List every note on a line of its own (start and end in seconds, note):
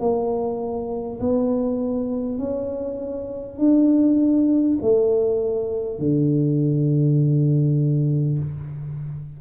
0.00 1.20 A#3
1.20 2.38 B3
2.38 3.58 C#4
3.58 4.78 D4
4.82 5.99 A3
5.99 8.39 D3